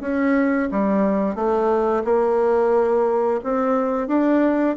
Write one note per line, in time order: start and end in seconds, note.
0.00 0.68 C#4
0.71 1.35 G3
1.35 2.03 A3
2.04 3.40 A#3
3.43 4.07 C4
4.07 4.75 D4